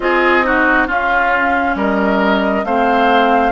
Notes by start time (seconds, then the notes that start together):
0.00 C4 F4 G#4 D#5
0.43 D#4 F#4
0.87 C#4 F4 F5
1.75 G3 A#4 D#5
2.64 A3 C4 C5 F5